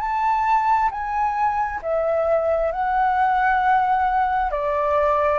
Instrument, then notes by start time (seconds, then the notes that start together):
flute
0.00 A5
0.91 G#5
1.82 E5
2.72 F#5
4.51 D5